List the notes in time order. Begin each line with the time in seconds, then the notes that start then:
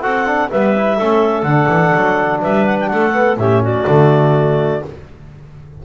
0.00 C4 F#4 A4 F#5
0.26 D4
0.50 G3 B3 B4 E5
0.76 E4
0.96 A3 C#4 A4
1.42 D3 D4 F#5
1.69 E3
1.95 F#3
2.41 G3 B4 E5
2.65 F#5
2.80 G5
2.88 A3 A4 F#5
3.12 B3
3.37 A2 C#4 G4 E5
3.62 F#4 D5
3.86 D3 A3